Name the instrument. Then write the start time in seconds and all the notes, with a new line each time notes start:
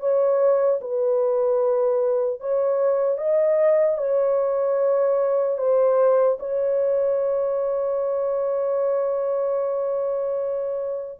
horn
0.00 C#5
0.81 B4
2.40 C#5
3.18 D#5
3.98 C#5
5.58 C5
6.40 C#5